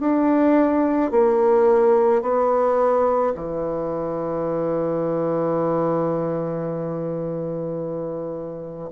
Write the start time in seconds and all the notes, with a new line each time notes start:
0.00 D4
1.11 A#3
2.22 B3
3.34 E3